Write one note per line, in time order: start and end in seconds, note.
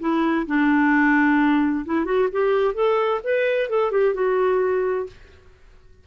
0.00 0.46 E4
0.47 1.85 D4
1.86 2.05 E4
2.05 2.28 F#4
2.32 2.74 G4
2.74 3.21 A4
3.24 3.70 B4
3.70 3.91 A4
3.91 4.15 G4
4.15 5.07 F#4